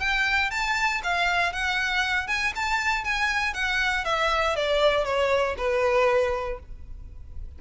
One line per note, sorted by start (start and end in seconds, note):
0.00 0.51 G5
0.51 1.02 A5
1.04 1.53 F5
1.53 2.28 F#5
2.28 2.53 G#5
2.56 3.05 A5
3.05 3.54 G#5
3.54 4.05 F#5
4.05 4.56 E5
4.56 5.05 D5
5.05 5.56 C#5
5.58 6.59 B4